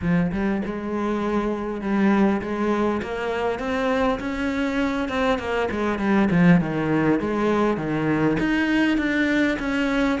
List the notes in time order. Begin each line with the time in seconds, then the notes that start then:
0.01 F3
0.31 G3
0.65 G#3
1.81 G3
2.41 G#3
3.02 A#3
3.59 C4
4.19 C#4
5.08 C4
5.38 A#3
5.70 G#3
5.98 G3
6.30 F3
6.60 D#3
7.19 G#3
7.77 D#3
8.39 D#4
8.97 D4
9.59 C#4